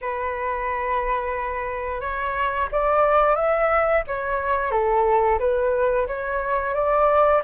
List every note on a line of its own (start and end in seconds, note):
0.01 2.00 B4
2.00 2.68 C#5
2.71 3.35 D5
3.35 4.03 E5
4.07 4.71 C#5
4.71 5.38 A4
5.39 6.06 B4
6.07 6.74 C#5
6.74 7.42 D5